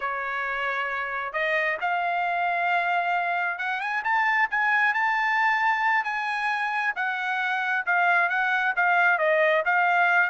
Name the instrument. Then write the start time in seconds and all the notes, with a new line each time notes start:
trumpet
0.00 C#5
1.32 D#5
1.80 F5
3.58 F#5
3.80 G#5
4.03 A5
4.50 G#5
4.94 A5
6.03 G#5
6.95 F#5
7.85 F5
8.29 F#5
8.75 F5
9.18 D#5
9.65 F5